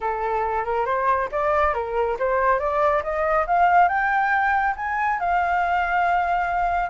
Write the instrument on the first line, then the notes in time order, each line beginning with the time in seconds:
flute
0.00 A4
0.65 A#4
0.85 C5
1.31 D5
1.74 A#4
2.19 C5
2.59 D5
3.03 D#5
3.46 F5
3.88 G5
4.76 G#5
5.19 F5